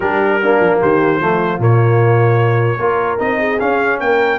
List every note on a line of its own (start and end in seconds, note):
0.00 0.60 G3
0.00 0.41 D4
0.00 0.39 G4
0.00 0.79 A#4
0.42 1.20 A#3
0.42 0.80 D4
0.60 0.80 F3
0.80 1.21 D#3
0.80 1.19 G4
0.80 1.61 C5
1.19 1.58 F3
1.19 1.59 A3
1.19 2.79 F4
1.58 2.78 A#2
1.58 2.79 A#3
1.58 3.19 C#5
2.79 3.19 A#3
2.79 3.18 F4
2.79 3.39 A#4
3.18 3.60 C4
3.18 3.58 D#4
3.18 3.59 D#5
3.39 3.99 G#4
3.59 4.39 C#4
3.59 4.00 C#4
3.59 3.99 F5
4.00 4.39 A#3
4.00 4.39 A#4
4.00 4.39 G5